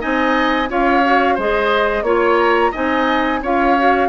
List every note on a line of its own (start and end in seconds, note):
0.00 0.70 C4
0.00 0.68 D#4
0.00 0.70 D#5
0.00 0.70 G#5
0.69 1.38 C#4
0.69 1.03 F4
0.69 1.35 C#5
0.69 1.40 F5
1.05 1.39 F#4
1.35 2.02 G#3
1.35 2.05 G#4
1.35 2.03 C5
1.35 2.03 D#5
2.02 2.71 A#3
2.02 2.73 F4
2.02 2.37 C#5
2.02 2.72 C#5
2.39 2.73 A#5
2.72 3.42 C4
2.72 3.42 D#4
2.72 3.40 D#5
2.72 3.43 G#5
3.42 4.09 C#4
3.42 3.78 F4
3.42 4.09 C#5
3.42 4.09 F5
3.78 4.09 F#4